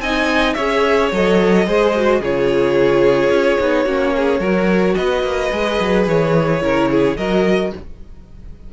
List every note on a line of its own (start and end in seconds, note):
0.00 0.55 C4
0.00 0.57 D#4
0.00 0.55 D#5
0.00 0.54 G#5
0.54 1.12 C#4
0.54 1.12 G#4
0.54 1.65 C#5
0.54 1.09 E5
1.12 1.67 F#3
1.12 1.67 A4
1.12 2.24 D#5
1.67 2.20 G#3
1.67 1.94 G#4
1.67 2.21 C5
1.95 2.22 F#4
2.20 3.30 C#3
2.20 3.60 F4
2.20 3.84 G#4
2.20 4.95 C#5
3.30 3.57 C#4
3.60 3.85 B3
3.60 3.86 D#4
3.84 4.39 A#3
3.84 4.41 C#4
3.84 4.12 F#4
4.16 4.40 G#4
4.39 4.94 F#3
4.39 5.52 F#4
4.39 4.95 A#4
4.95 5.23 B3
4.95 6.63 B4
4.95 6.05 D#5
5.23 5.50 A#3
5.52 5.79 G#3
5.52 6.62 G#4
5.80 6.07 F#3
6.07 6.61 E3
6.07 7.17 C#5
6.61 7.17 C#3
6.61 7.17 E4
6.61 6.90 A#4
6.91 7.18 G#4
7.17 7.72 F#3
7.17 7.73 F#4
7.17 7.73 A#4
7.17 7.72 D#5